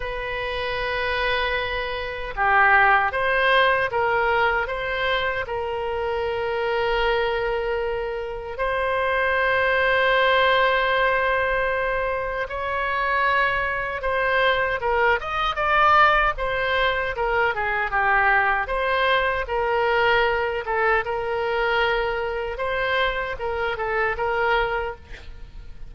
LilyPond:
\new Staff \with { instrumentName = "oboe" } { \time 4/4 \tempo 4 = 77 b'2. g'4 | c''4 ais'4 c''4 ais'4~ | ais'2. c''4~ | c''1 |
cis''2 c''4 ais'8 dis''8 | d''4 c''4 ais'8 gis'8 g'4 | c''4 ais'4. a'8 ais'4~ | ais'4 c''4 ais'8 a'8 ais'4 | }